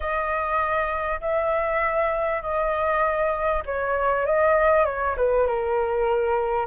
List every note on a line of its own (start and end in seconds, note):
0.00 1.20 D#5
1.21 2.41 E5
2.41 3.63 D#5
3.65 4.26 C#5
4.26 4.85 D#5
4.85 5.15 C#5
5.17 5.47 B4
5.47 6.66 A#4